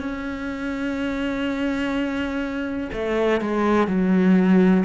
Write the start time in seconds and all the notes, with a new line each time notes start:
0.00 C#4
2.93 A3
3.41 G#3
3.88 F#3